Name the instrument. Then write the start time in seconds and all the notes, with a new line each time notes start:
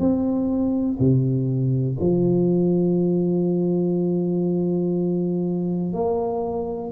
tuba
0.00 C4
0.99 C3
2.00 F3
5.93 A#3